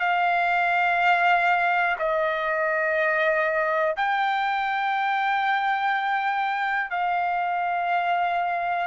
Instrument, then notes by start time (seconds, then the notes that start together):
trumpet
0.00 F5
1.99 D#5
3.97 G5
6.91 F5